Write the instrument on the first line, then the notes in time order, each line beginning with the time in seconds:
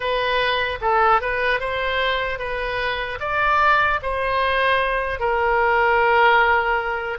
oboe
0.00 B4
0.81 A4
1.21 B4
1.60 C5
2.38 B4
3.20 D5
4.02 C5
5.19 A#4